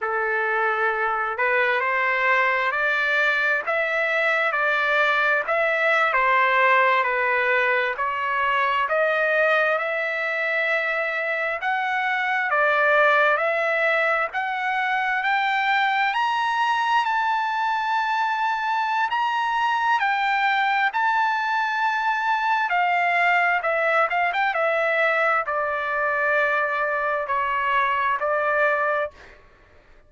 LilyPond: \new Staff \with { instrumentName = "trumpet" } { \time 4/4 \tempo 4 = 66 a'4. b'8 c''4 d''4 | e''4 d''4 e''8. c''4 b'16~ | b'8. cis''4 dis''4 e''4~ e''16~ | e''8. fis''4 d''4 e''4 fis''16~ |
fis''8. g''4 ais''4 a''4~ a''16~ | a''4 ais''4 g''4 a''4~ | a''4 f''4 e''8 f''16 g''16 e''4 | d''2 cis''4 d''4 | }